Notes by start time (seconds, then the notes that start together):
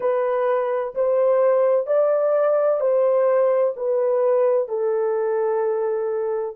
0.00 B4
0.95 C5
1.87 D5
2.80 C5
3.76 B4
4.68 A4